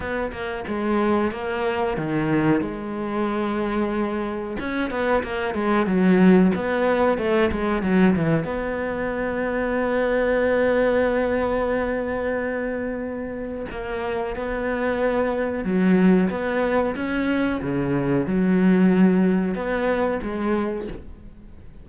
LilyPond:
\new Staff \with { instrumentName = "cello" } { \time 4/4 \tempo 4 = 92 b8 ais8 gis4 ais4 dis4 | gis2. cis'8 b8 | ais8 gis8 fis4 b4 a8 gis8 | fis8 e8 b2.~ |
b1~ | b4 ais4 b2 | fis4 b4 cis'4 cis4 | fis2 b4 gis4 | }